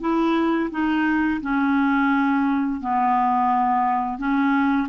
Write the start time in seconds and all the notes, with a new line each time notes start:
0.00 E4
0.70 D#4
1.41 C#4
2.81 B3
4.18 C#4